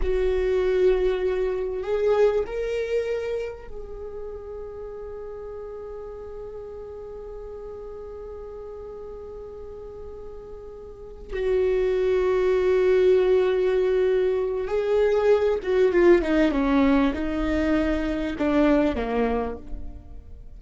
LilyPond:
\new Staff \with { instrumentName = "viola" } { \time 4/4 \tempo 4 = 98 fis'2. gis'4 | ais'2 gis'2~ | gis'1~ | gis'1~ |
gis'2~ gis'8 fis'4.~ | fis'1 | gis'4. fis'8 f'8 dis'8 cis'4 | dis'2 d'4 ais4 | }